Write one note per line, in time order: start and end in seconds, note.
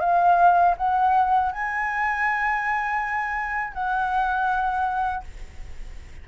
0.00 0.75 F5
0.77 1.52 F#5
1.52 3.73 G#5
3.73 5.23 F#5